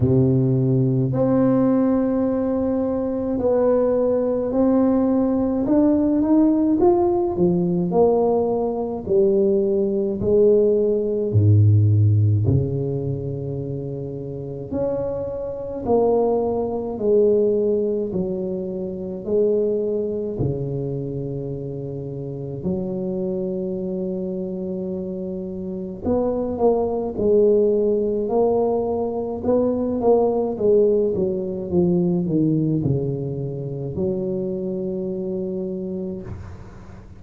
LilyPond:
\new Staff \with { instrumentName = "tuba" } { \time 4/4 \tempo 4 = 53 c4 c'2 b4 | c'4 d'8 dis'8 f'8 f8 ais4 | g4 gis4 gis,4 cis4~ | cis4 cis'4 ais4 gis4 |
fis4 gis4 cis2 | fis2. b8 ais8 | gis4 ais4 b8 ais8 gis8 fis8 | f8 dis8 cis4 fis2 | }